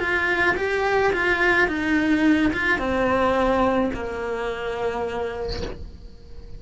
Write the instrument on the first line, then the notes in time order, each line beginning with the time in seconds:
cello
0.00 F4
0.57 G4
1.13 F4
1.68 D#4
2.53 F4
2.79 C4
3.94 A#3